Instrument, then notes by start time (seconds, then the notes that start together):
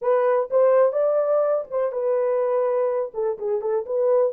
horn
0.01 B4
0.50 C5
0.92 D5
1.70 C5
1.92 B4
3.14 A4
3.38 G#4
3.61 A4
3.86 B4